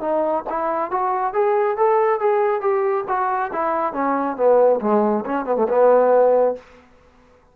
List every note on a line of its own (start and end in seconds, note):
0.00 0.43 D#4
0.49 0.91 E4
0.91 1.33 F#4
1.33 1.76 G#4
1.77 2.19 A4
2.19 2.61 G#4
2.61 3.04 G4
3.08 3.51 F#4
3.52 3.93 E4
3.93 4.36 C#4
4.36 4.80 B3
4.81 5.24 G#3
5.25 5.45 C#4
5.45 5.56 B3
5.56 5.67 A3
5.68 6.55 B3